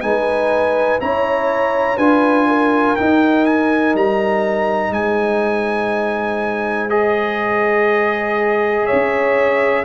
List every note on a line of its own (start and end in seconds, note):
0.00 1.00 G#3
0.00 0.99 D#4
0.00 1.02 B4
0.00 0.98 G#5
0.99 1.97 C#4
0.99 1.98 E4
0.99 1.97 C#5
0.99 1.98 A#5
1.97 2.95 D4
1.97 2.97 F4
1.97 2.46 B4
1.97 2.96 G#5
2.48 4.93 A#4
2.96 6.89 D#4
2.96 3.94 D#4
2.96 3.45 G5
3.45 3.94 G#5
3.94 4.90 G3
3.94 4.93 A#5
4.90 8.83 G#3
4.90 8.85 C5
4.90 6.89 G#5
6.89 9.84 G#4
6.89 8.86 D#5
8.85 9.83 C#5
8.85 9.84 E5
8.92 9.84 C#4